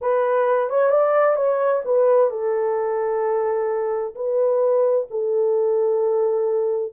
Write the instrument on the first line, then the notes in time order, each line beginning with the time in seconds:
horn
0.01 B4
0.69 C#5
0.90 D5
1.36 C#5
1.85 B4
2.30 A4
4.15 B4
5.10 A4